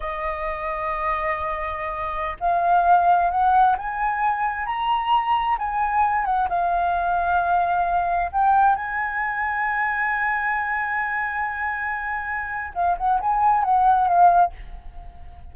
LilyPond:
\new Staff \with { instrumentName = "flute" } { \time 4/4 \tempo 4 = 132 dis''1~ | dis''4~ dis''16 f''2 fis''8.~ | fis''16 gis''2 ais''4.~ ais''16~ | ais''16 gis''4. fis''8 f''4.~ f''16~ |
f''2~ f''16 g''4 gis''8.~ | gis''1~ | gis''1 | f''8 fis''8 gis''4 fis''4 f''4 | }